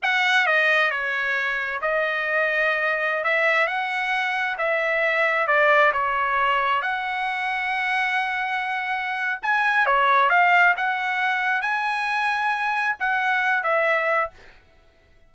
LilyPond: \new Staff \with { instrumentName = "trumpet" } { \time 4/4 \tempo 4 = 134 fis''4 dis''4 cis''2 | dis''2.~ dis''16 e''8.~ | e''16 fis''2 e''4.~ e''16~ | e''16 d''4 cis''2 fis''8.~ |
fis''1~ | fis''4 gis''4 cis''4 f''4 | fis''2 gis''2~ | gis''4 fis''4. e''4. | }